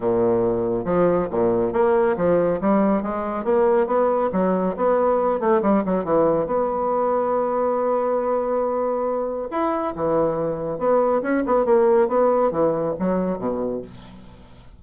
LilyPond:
\new Staff \with { instrumentName = "bassoon" } { \time 4/4 \tempo 4 = 139 ais,2 f4 ais,4 | ais4 f4 g4 gis4 | ais4 b4 fis4 b4~ | b8 a8 g8 fis8 e4 b4~ |
b1~ | b2 e'4 e4~ | e4 b4 cis'8 b8 ais4 | b4 e4 fis4 b,4 | }